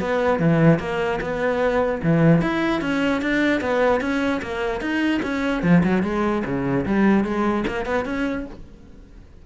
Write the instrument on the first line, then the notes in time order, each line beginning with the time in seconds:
cello
0.00 B3
0.39 E3
0.79 A#3
1.21 B3
2.03 E3
2.41 E4
2.81 C#4
3.22 D4
3.61 B3
4.00 C#4
4.42 A#3
4.81 D#4
5.22 C#4
5.63 F3
5.84 F#3
6.03 G#3
6.45 C#3
6.85 G3
7.24 G#3
7.67 A#3
7.86 B3
8.05 C#4